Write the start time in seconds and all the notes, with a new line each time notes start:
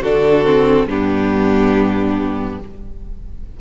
0.00 D3 D4 F#4 A4
0.45 C4
0.86 G2 B3 D4 G4